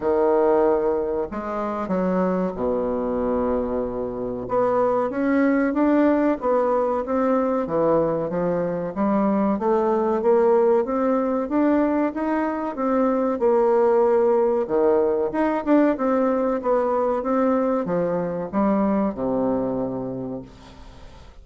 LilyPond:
\new Staff \with { instrumentName = "bassoon" } { \time 4/4 \tempo 4 = 94 dis2 gis4 fis4 | b,2. b4 | cis'4 d'4 b4 c'4 | e4 f4 g4 a4 |
ais4 c'4 d'4 dis'4 | c'4 ais2 dis4 | dis'8 d'8 c'4 b4 c'4 | f4 g4 c2 | }